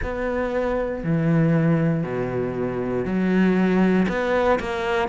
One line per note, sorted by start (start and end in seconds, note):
0.02 1.03 B3
1.03 2.03 E3
2.03 3.05 B2
3.05 4.07 F#3
4.08 4.59 B3
4.59 5.08 A#3